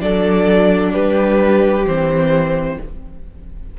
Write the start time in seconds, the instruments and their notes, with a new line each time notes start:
0.00 cello F#3, viola D4, violin A4 D5
0.93 cello G3, violin G4 B4
1.86 cello E3, viola C4, violin C5